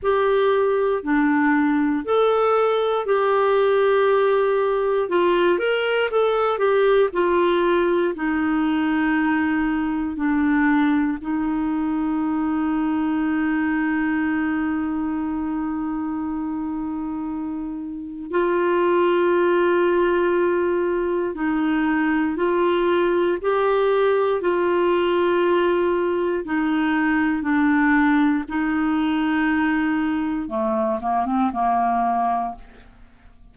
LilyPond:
\new Staff \with { instrumentName = "clarinet" } { \time 4/4 \tempo 4 = 59 g'4 d'4 a'4 g'4~ | g'4 f'8 ais'8 a'8 g'8 f'4 | dis'2 d'4 dis'4~ | dis'1~ |
dis'2 f'2~ | f'4 dis'4 f'4 g'4 | f'2 dis'4 d'4 | dis'2 a8 ais16 c'16 ais4 | }